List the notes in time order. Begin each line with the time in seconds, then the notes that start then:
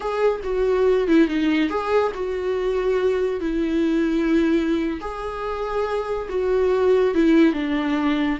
0.00 G#4
0.43 F#4
1.07 E4
1.27 D#4
1.69 G#4
2.14 F#4
3.40 E4
5.00 G#4
6.29 F#4
7.14 E4
7.53 D4